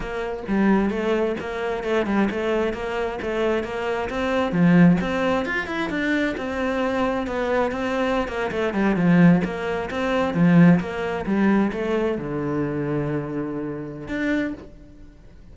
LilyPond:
\new Staff \with { instrumentName = "cello" } { \time 4/4 \tempo 4 = 132 ais4 g4 a4 ais4 | a8 g8 a4 ais4 a4 | ais4 c'4 f4 c'4 | f'8 e'8 d'4 c'2 |
b4 c'4~ c'16 ais8 a8 g8 f16~ | f8. ais4 c'4 f4 ais16~ | ais8. g4 a4 d4~ d16~ | d2. d'4 | }